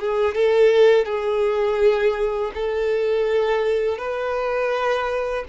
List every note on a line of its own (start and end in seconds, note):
0.00 0.35 G#4
0.35 1.06 A4
1.06 2.52 G#4
2.55 3.98 A4
3.98 5.45 B4